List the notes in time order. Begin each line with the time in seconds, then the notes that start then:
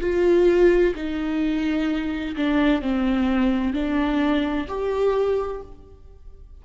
0.00 F4
0.95 D#4
2.36 D4
2.81 C4
3.73 D4
4.67 G4